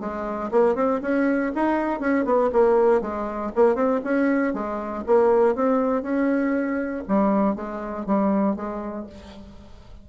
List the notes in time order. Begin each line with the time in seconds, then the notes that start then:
0.00 G#3
0.51 A#3
0.75 C4
1.02 C#4
1.55 D#4
2.00 C#4
2.25 B3
2.53 A#3
3.01 G#3
3.56 A#3
3.75 C4
4.04 C#4
4.54 G#3
5.07 A#3
5.55 C4
6.03 C#4
7.08 G3
7.56 G#3
8.06 G3
8.56 G#3